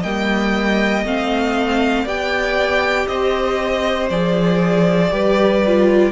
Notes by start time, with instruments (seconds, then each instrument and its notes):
0.00 cello G3, viola A#3, violin D#5 G5
1.04 cello A3, viola C4, violin F5
2.04 cello B3, viola G4, violin D5 G5
3.07 cello C4, violin C5 D#5
4.09 cello F3, viola G#4, violin D5
5.10 cello G3, viola G4, violin B4
5.66 viola F4